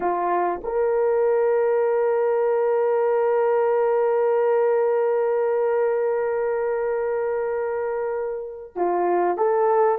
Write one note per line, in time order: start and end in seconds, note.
0.00 0.61 F4
0.63 8.75 A#4
8.75 9.37 F4
9.37 9.98 A4